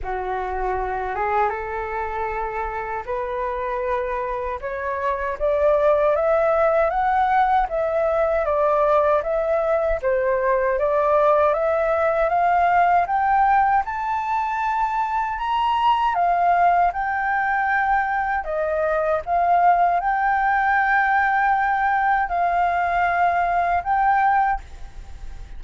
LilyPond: \new Staff \with { instrumentName = "flute" } { \time 4/4 \tempo 4 = 78 fis'4. gis'8 a'2 | b'2 cis''4 d''4 | e''4 fis''4 e''4 d''4 | e''4 c''4 d''4 e''4 |
f''4 g''4 a''2 | ais''4 f''4 g''2 | dis''4 f''4 g''2~ | g''4 f''2 g''4 | }